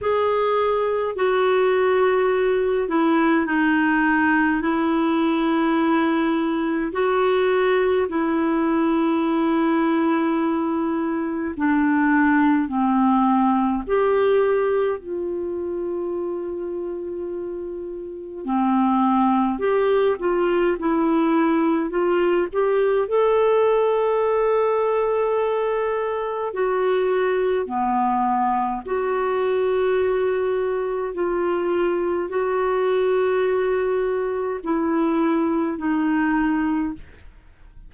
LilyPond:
\new Staff \with { instrumentName = "clarinet" } { \time 4/4 \tempo 4 = 52 gis'4 fis'4. e'8 dis'4 | e'2 fis'4 e'4~ | e'2 d'4 c'4 | g'4 f'2. |
c'4 g'8 f'8 e'4 f'8 g'8 | a'2. fis'4 | b4 fis'2 f'4 | fis'2 e'4 dis'4 | }